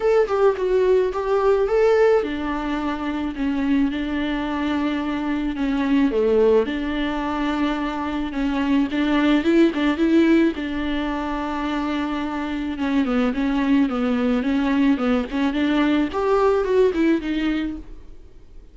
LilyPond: \new Staff \with { instrumentName = "viola" } { \time 4/4 \tempo 4 = 108 a'8 g'8 fis'4 g'4 a'4 | d'2 cis'4 d'4~ | d'2 cis'4 a4 | d'2. cis'4 |
d'4 e'8 d'8 e'4 d'4~ | d'2. cis'8 b8 | cis'4 b4 cis'4 b8 cis'8 | d'4 g'4 fis'8 e'8 dis'4 | }